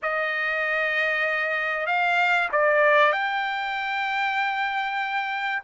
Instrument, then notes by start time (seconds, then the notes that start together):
trumpet
0.02 D#5
1.86 F5
2.51 D5
3.12 G5